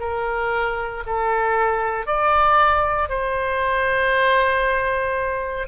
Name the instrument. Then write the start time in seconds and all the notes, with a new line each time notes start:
oboe
0.00 A#4
1.06 A4
2.06 D5
3.09 C5